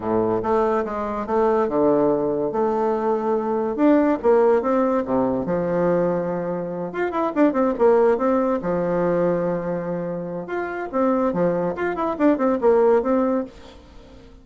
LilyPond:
\new Staff \with { instrumentName = "bassoon" } { \time 4/4 \tempo 4 = 143 a,4 a4 gis4 a4 | d2 a2~ | a4 d'4 ais4 c'4 | c4 f2.~ |
f8 f'8 e'8 d'8 c'8 ais4 c'8~ | c'8 f2.~ f8~ | f4 f'4 c'4 f4 | f'8 e'8 d'8 c'8 ais4 c'4 | }